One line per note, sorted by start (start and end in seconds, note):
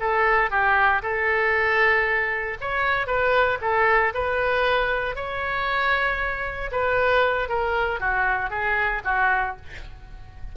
0.00 0.51 A4
0.51 1.02 G4
1.02 2.57 A4
2.61 3.07 C#5
3.07 3.59 B4
3.62 4.13 A4
4.14 5.16 B4
5.16 6.71 C#5
6.72 7.49 B4
7.49 8.00 A#4
8.00 8.50 F#4
8.50 9.02 G#4
9.05 9.56 F#4